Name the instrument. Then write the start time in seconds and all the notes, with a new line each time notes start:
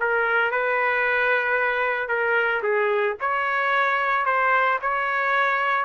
trumpet
0.00 A#4
0.51 B4
2.08 A#4
2.63 G#4
3.20 C#5
4.25 C5
4.81 C#5